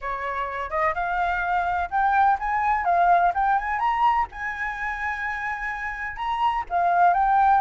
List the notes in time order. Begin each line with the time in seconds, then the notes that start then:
0.01 C#5
0.70 D#5
0.94 F5
1.90 G5
2.39 G#5
2.84 F5
3.34 G5
3.58 G#5
3.79 A#5
4.31 G#5
6.16 A#5
6.69 F5
7.13 G5